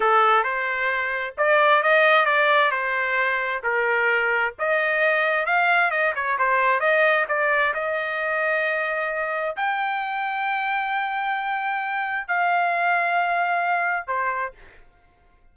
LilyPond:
\new Staff \with { instrumentName = "trumpet" } { \time 4/4 \tempo 4 = 132 a'4 c''2 d''4 | dis''4 d''4 c''2 | ais'2 dis''2 | f''4 dis''8 cis''8 c''4 dis''4 |
d''4 dis''2.~ | dis''4 g''2.~ | g''2. f''4~ | f''2. c''4 | }